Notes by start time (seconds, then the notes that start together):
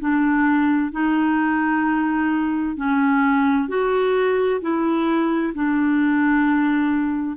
0.00 D4
0.91 D#4
2.76 C#4
3.68 F#4
4.61 E4
5.54 D4